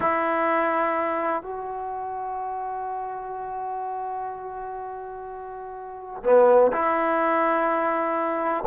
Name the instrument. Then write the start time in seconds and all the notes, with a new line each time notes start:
trombone
0.00 E4
1.42 F#4
6.23 B3
6.72 E4